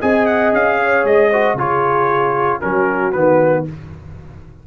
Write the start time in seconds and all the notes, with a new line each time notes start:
0.00 C4 G#4 D#5 G#5
0.26 F#5
0.53 C#4 F5
0.80 C#5
1.04 G#3 D#5
1.30 F#4 C5
1.54 C#3 F4 G#4 C#5
2.59 F#3 C#4 F#4 A#4
3.12 D#3 B3 B4